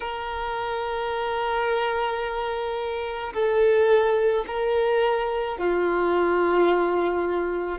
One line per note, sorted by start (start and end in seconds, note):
0.00 3.33 A#4
3.33 4.44 A4
4.46 5.58 A#4
5.58 7.78 F4